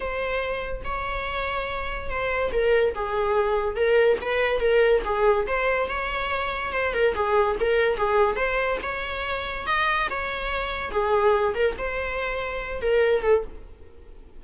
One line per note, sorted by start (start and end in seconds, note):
0.00 0.82 C5
0.84 2.09 C#5
2.09 2.51 C5
2.52 2.94 A#4
2.94 3.76 G#4
3.76 4.17 A#4
4.21 4.59 B4
4.59 5.01 A#4
5.04 5.46 G#4
5.46 5.88 C5
5.88 6.72 C#5
6.72 6.93 C5
6.93 7.14 A#4
7.14 7.56 G#4
7.60 7.96 A#4
7.96 8.36 G#4
8.36 8.78 C5
8.82 9.66 C#5
9.66 10.08 D#5
10.10 10.91 C#5
10.91 11.54 G#4
11.54 11.75 A#4
11.77 12.81 C5
12.81 13.22 A#4
13.22 13.43 A4